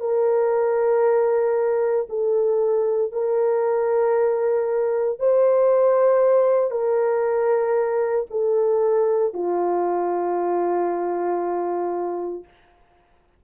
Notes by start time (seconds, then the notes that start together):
0.00 A#4
2.09 A4
3.12 A#4
5.19 C5
6.71 A#4
8.30 A4
9.33 F4